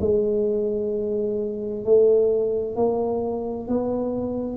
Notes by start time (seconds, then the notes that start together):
0.00 G#3
1.84 A3
2.75 A#3
3.68 B3